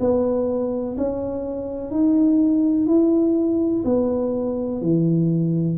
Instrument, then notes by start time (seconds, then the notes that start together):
tuba
0.00 B3
0.98 C#4
1.91 D#4
2.87 E4
3.85 B3
4.82 E3